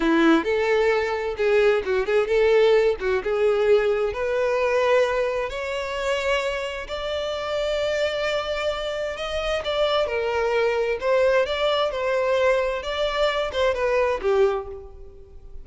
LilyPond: \new Staff \with { instrumentName = "violin" } { \time 4/4 \tempo 4 = 131 e'4 a'2 gis'4 | fis'8 gis'8 a'4. fis'8 gis'4~ | gis'4 b'2. | cis''2. d''4~ |
d''1 | dis''4 d''4 ais'2 | c''4 d''4 c''2 | d''4. c''8 b'4 g'4 | }